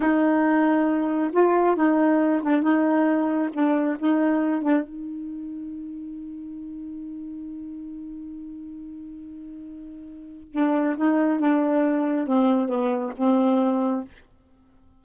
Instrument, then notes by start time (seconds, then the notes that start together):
saxophone
0.00 D#4
1.32 F4
1.76 D#4
2.42 D4
2.62 D#4
3.53 D4
3.99 D#4
4.62 D4
4.83 D#4
10.52 D4
10.96 D#4
11.39 D4
12.27 C4
12.68 B3
13.16 C4